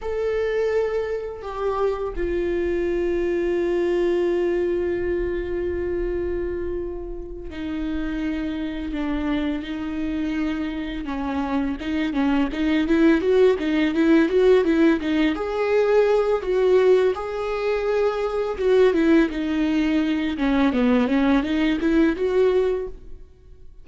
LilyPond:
\new Staff \with { instrumentName = "viola" } { \time 4/4 \tempo 4 = 84 a'2 g'4 f'4~ | f'1~ | f'2~ f'8 dis'4.~ | dis'8 d'4 dis'2 cis'8~ |
cis'8 dis'8 cis'8 dis'8 e'8 fis'8 dis'8 e'8 | fis'8 e'8 dis'8 gis'4. fis'4 | gis'2 fis'8 e'8 dis'4~ | dis'8 cis'8 b8 cis'8 dis'8 e'8 fis'4 | }